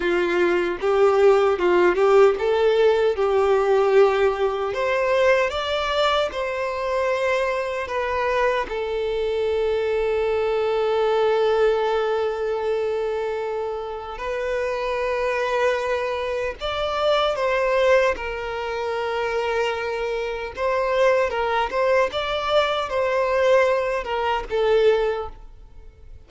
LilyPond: \new Staff \with { instrumentName = "violin" } { \time 4/4 \tempo 4 = 76 f'4 g'4 f'8 g'8 a'4 | g'2 c''4 d''4 | c''2 b'4 a'4~ | a'1~ |
a'2 b'2~ | b'4 d''4 c''4 ais'4~ | ais'2 c''4 ais'8 c''8 | d''4 c''4. ais'8 a'4 | }